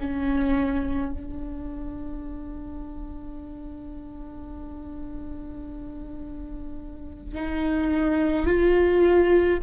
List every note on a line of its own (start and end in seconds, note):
0.00 1.13 C#4
1.13 7.35 D4
7.35 8.46 D#4
8.46 9.60 F4